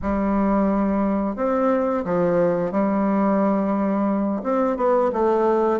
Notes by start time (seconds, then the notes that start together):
0.02 G3
1.36 C4
2.05 F3
2.71 G3
4.43 C4
4.77 B3
5.12 A3